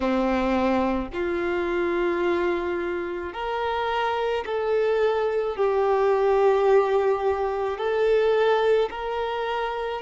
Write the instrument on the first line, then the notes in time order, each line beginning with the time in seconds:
violin
0.00 C4
1.13 F4
3.33 A#4
4.45 A4
5.56 G4
7.78 A4
8.90 A#4